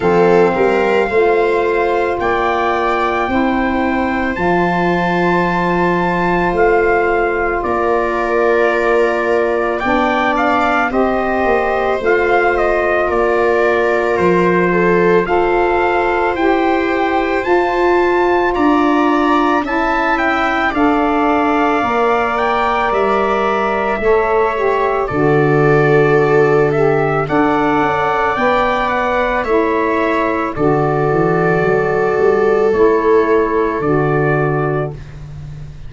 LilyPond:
<<
  \new Staff \with { instrumentName = "trumpet" } { \time 4/4 \tempo 4 = 55 f''2 g''2 | a''2 f''4 d''4~ | d''4 g''8 f''8 dis''4 f''8 dis''8 | d''4 c''4 f''4 g''4 |
a''4 ais''4 a''8 g''8 f''4~ | f''8 g''8 e''2 d''4~ | d''8 e''8 fis''4 g''8 fis''8 e''4 | d''2 cis''4 d''4 | }
  \new Staff \with { instrumentName = "viola" } { \time 4/4 a'8 ais'8 c''4 d''4 c''4~ | c''2. ais'4~ | ais'4 d''4 c''2 | ais'4. a'8 c''2~ |
c''4 d''4 e''4 d''4~ | d''2 cis''4 a'4~ | a'4 d''2 cis''4 | a'1 | }
  \new Staff \with { instrumentName = "saxophone" } { \time 4/4 c'4 f'2 e'4 | f'1~ | f'4 d'4 g'4 f'4~ | f'2 a'4 g'4 |
f'2 e'4 a'4 | ais'2 a'8 g'8 fis'4~ | fis'8 g'8 a'4 b'4 e'4 | fis'2 e'4 fis'4 | }
  \new Staff \with { instrumentName = "tuba" } { \time 4/4 f8 g8 a4 ais4 c'4 | f2 a4 ais4~ | ais4 b4 c'8 ais8 a4 | ais4 f4 f'4 e'4 |
f'4 d'4 cis'4 d'4 | ais4 g4 a4 d4~ | d4 d'8 cis'8 b4 a4 | d8 e8 fis8 g8 a4 d4 | }
>>